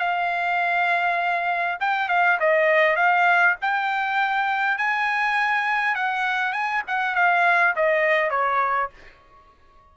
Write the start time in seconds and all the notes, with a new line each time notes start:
0.00 F5
1.81 G5
2.09 F5
2.40 D#5
2.97 F5
3.62 G5
4.78 G#5
5.95 F#5
6.53 G#5
6.88 F#5
7.15 F5
7.76 D#5
8.31 C#5